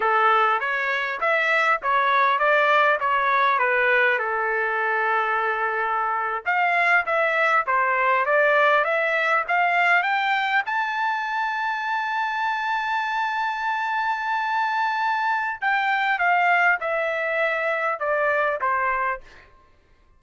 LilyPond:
\new Staff \with { instrumentName = "trumpet" } { \time 4/4 \tempo 4 = 100 a'4 cis''4 e''4 cis''4 | d''4 cis''4 b'4 a'4~ | a'2~ a'8. f''4 e''16~ | e''8. c''4 d''4 e''4 f''16~ |
f''8. g''4 a''2~ a''16~ | a''1~ | a''2 g''4 f''4 | e''2 d''4 c''4 | }